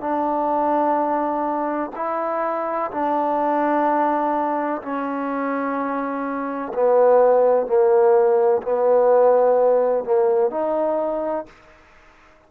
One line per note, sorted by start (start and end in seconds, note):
0.00 1.90 D4
1.95 2.90 E4
2.90 4.81 D4
4.81 6.72 C#4
6.73 7.66 B3
7.66 8.61 A#3
8.62 10.04 B3
10.04 10.50 A#3
10.50 11.45 D#4